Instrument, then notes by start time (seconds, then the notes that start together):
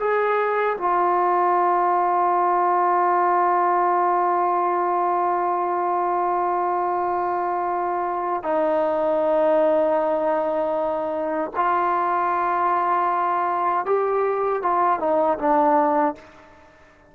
trombone
0.00 G#4
0.78 F4
8.43 D#4
11.56 F4
13.86 G4
14.63 F4
15.00 D#4
15.38 D4